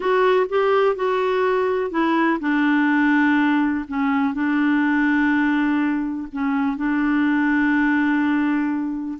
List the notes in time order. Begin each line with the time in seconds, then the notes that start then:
0.00 F#4
0.49 G4
0.95 F#4
1.90 E4
2.40 D4
3.88 C#4
4.34 D4
6.32 C#4
6.76 D4